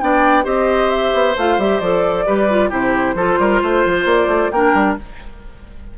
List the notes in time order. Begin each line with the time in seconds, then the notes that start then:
0.00 B3 D4 D5 G5
0.44 C4 G4 C5 D#5
0.90 E5
1.14 B3
1.37 A3 F4 F5
1.58 G3 G4 E5
1.80 F3 A4 D5
2.26 G3 G4 B4
2.50 F4
2.70 C3 E4 G4 C5
3.14 F3 F4 A4
3.39 G3 A#4
3.61 A3 C5
3.85 F3
4.05 A#3 D5
4.28 A3
4.51 A#3 D4 A#4 G5
4.74 G3